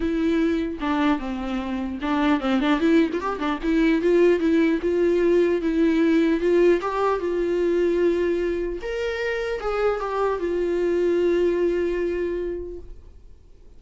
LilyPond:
\new Staff \with { instrumentName = "viola" } { \time 4/4 \tempo 4 = 150 e'2 d'4 c'4~ | c'4 d'4 c'8 d'8 e'8. f'16 | g'8 d'8 e'4 f'4 e'4 | f'2 e'2 |
f'4 g'4 f'2~ | f'2 ais'2 | gis'4 g'4 f'2~ | f'1 | }